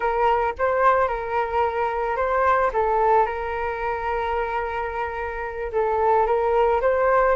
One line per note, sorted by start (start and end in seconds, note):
0.00 0.54 A#4
0.58 1.08 C5
1.08 2.16 A#4
2.16 2.70 C5
2.73 3.26 A4
3.26 5.71 A#4
5.72 6.26 A4
6.26 6.81 A#4
6.81 7.35 C5